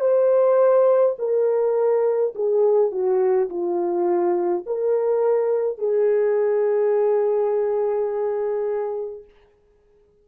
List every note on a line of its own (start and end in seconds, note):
0.00 1.15 C5
1.19 2.34 A#4
2.35 2.91 G#4
2.91 3.49 F#4
3.49 4.65 F4
4.66 5.78 A#4
5.78 9.25 G#4